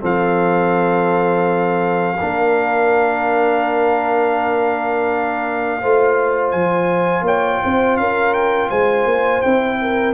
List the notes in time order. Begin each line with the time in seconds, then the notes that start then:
0.00 F3 C4 A4 F5
2.17 A#3 D4 A#4
5.81 A3 F4 C5
6.51 F3 G#5
7.21 A#3 C#5 G5
7.63 C4 C5
7.97 C#4 A#4 F5
8.33 G5
8.69 G#3 C5 G#5
9.05 A#3
9.41 C4 E4 G5
9.81 A#4